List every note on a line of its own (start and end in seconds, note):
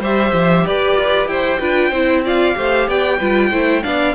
0.00 0.32 G3
0.00 1.60 G4
0.00 0.64 C5
0.00 0.66 E5
0.33 0.64 F3
0.66 0.96 G4
0.66 1.30 B4
0.66 1.27 D5
0.96 1.27 F4
1.27 1.59 E4
1.27 1.60 C5
1.27 2.23 G5
1.60 1.91 D4
1.60 1.92 F4
1.60 1.90 B4
1.90 2.55 C4
1.90 2.25 E4
1.90 2.22 C5
2.25 2.55 F4
2.25 2.57 D5
2.25 2.89 F5
2.55 2.88 A3
2.55 3.18 G4
2.55 2.88 C5
2.88 3.20 B3
2.88 3.17 D5
2.88 3.83 G5
3.17 3.51 G3
3.17 3.52 F4
3.17 3.49 B4
3.51 3.83 A3
3.51 3.83 E4
3.51 3.83 C5
3.83 4.15 B3
3.83 4.15 D4
3.83 4.15 D5
3.83 4.15 F5